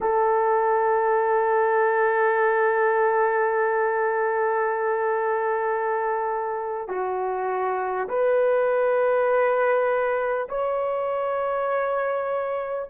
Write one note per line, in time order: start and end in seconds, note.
0.01 6.87 A4
6.87 8.07 F#4
8.08 10.48 B4
10.48 12.88 C#5